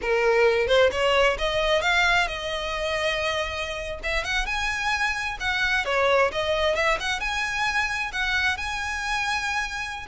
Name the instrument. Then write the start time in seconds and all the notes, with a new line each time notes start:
violin
0.01 A#4
0.67 C5
0.91 C#5
1.38 D#5
1.81 F5
2.27 D#5
4.03 E5
4.24 F#5
4.46 G#5
5.39 F#5
5.85 C#5
6.32 D#5
6.75 E5
7.00 F#5
7.19 G#5
8.12 F#5
8.57 G#5